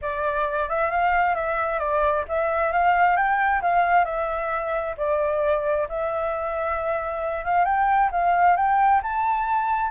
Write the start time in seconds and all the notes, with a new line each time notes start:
0.01 D5
0.69 E5
0.90 F5
1.35 E5
1.79 D5
2.28 E5
2.72 F5
3.16 G5
3.61 F5
4.04 E5
4.97 D5
5.89 E5
7.44 F5
7.65 G5
8.11 F5
8.56 G5
9.02 A5